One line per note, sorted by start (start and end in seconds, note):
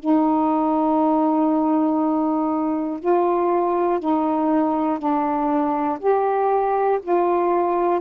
0.00 3.00 D#4
3.00 4.00 F4
4.00 4.99 D#4
4.99 5.99 D4
6.00 7.00 G4
7.02 8.00 F4